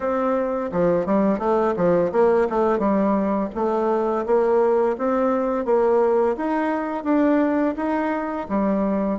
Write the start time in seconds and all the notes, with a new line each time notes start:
0.00 C4
0.72 F3
1.06 G3
1.39 A3
1.76 F3
2.12 A#3
2.49 A3
2.79 G3
3.55 A3
4.25 A#3
4.98 C4
5.65 A#3
6.37 D#4
7.04 D4
7.76 D#4
8.48 G3